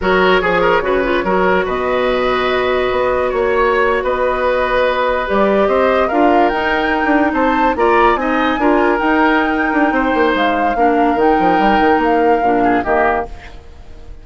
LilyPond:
<<
  \new Staff \with { instrumentName = "flute" } { \time 4/4 \tempo 4 = 145 cis''1 | dis''1 | cis''4.~ cis''16 dis''2~ dis''16~ | dis''8. d''4 dis''4 f''4 g''16~ |
g''4.~ g''16 a''4 ais''4 gis''16~ | gis''4.~ gis''16 g''2~ g''16~ | g''4 f''2 g''4~ | g''4 f''2 dis''4 | }
  \new Staff \with { instrumentName = "oboe" } { \time 4/4 ais'4 gis'8 ais'8 b'4 ais'4 | b'1 | cis''4.~ cis''16 b'2~ b'16~ | b'4.~ b'16 c''4 ais'4~ ais'16~ |
ais'4.~ ais'16 c''4 d''4 dis''16~ | dis''8. ais'2.~ ais'16 | c''2 ais'2~ | ais'2~ ais'8 gis'8 g'4 | }
  \new Staff \with { instrumentName = "clarinet" } { \time 4/4 fis'4 gis'4 fis'8 f'8 fis'4~ | fis'1~ | fis'1~ | fis'8. g'2 f'4 dis'16~ |
dis'2~ dis'8. f'4 dis'16~ | dis'8. f'4 dis'2~ dis'16~ | dis'2 d'4 dis'4~ | dis'2 d'4 ais4 | }
  \new Staff \with { instrumentName = "bassoon" } { \time 4/4 fis4 f4 cis4 fis4 | b,2. b4 | ais4.~ ais16 b2~ b16~ | b8. g4 c'4 d'4 dis'16~ |
dis'4 d'8. c'4 ais4 c'16~ | c'8. d'4 dis'4.~ dis'16 d'8 | c'8 ais8 gis4 ais4 dis8 f8 | g8 dis8 ais4 ais,4 dis4 | }
>>